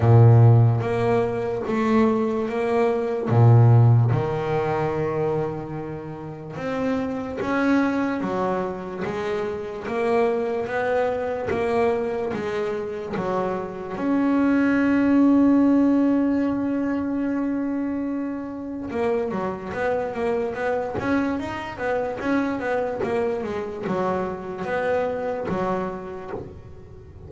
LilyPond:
\new Staff \with { instrumentName = "double bass" } { \time 4/4 \tempo 4 = 73 ais,4 ais4 a4 ais4 | ais,4 dis2. | c'4 cis'4 fis4 gis4 | ais4 b4 ais4 gis4 |
fis4 cis'2.~ | cis'2. ais8 fis8 | b8 ais8 b8 cis'8 dis'8 b8 cis'8 b8 | ais8 gis8 fis4 b4 fis4 | }